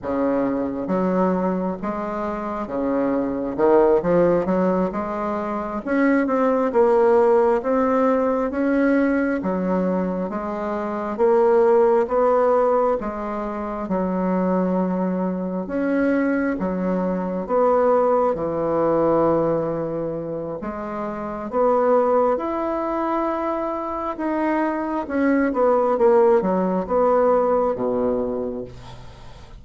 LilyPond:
\new Staff \with { instrumentName = "bassoon" } { \time 4/4 \tempo 4 = 67 cis4 fis4 gis4 cis4 | dis8 f8 fis8 gis4 cis'8 c'8 ais8~ | ais8 c'4 cis'4 fis4 gis8~ | gis8 ais4 b4 gis4 fis8~ |
fis4. cis'4 fis4 b8~ | b8 e2~ e8 gis4 | b4 e'2 dis'4 | cis'8 b8 ais8 fis8 b4 b,4 | }